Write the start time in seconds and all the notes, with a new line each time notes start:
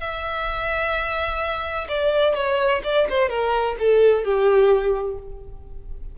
0.00 E5
1.88 D5
2.35 C#5
2.84 D5
3.09 C5
3.29 A#4
3.79 A4
4.24 G4